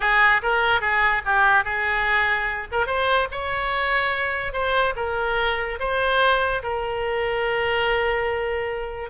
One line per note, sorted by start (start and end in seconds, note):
0.00 0.41 G#4
0.42 0.80 A#4
0.80 1.22 G#4
1.25 1.64 G4
1.64 2.67 G#4
2.71 2.86 A#4
2.86 3.27 C5
3.31 4.52 C#5
4.52 4.94 C5
4.96 5.78 A#4
5.79 6.62 C5
6.62 9.10 A#4